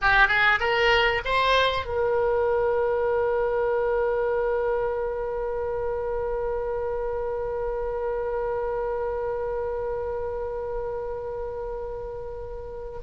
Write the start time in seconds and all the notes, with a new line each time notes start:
0.01 G4
0.28 G#4
0.59 A#4
1.25 C5
1.85 A#4